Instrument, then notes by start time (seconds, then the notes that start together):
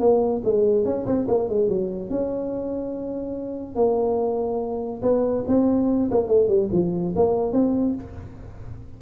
tuba
0.00 A#3
0.45 G#3
0.85 C#4
1.06 C4
1.28 A#3
1.49 G#3
1.69 F#3
2.10 C#4
3.76 A#3
5.03 B3
5.48 C4
6.11 A#3
6.28 A3
6.48 G3
6.72 F3
7.16 A#3
7.53 C4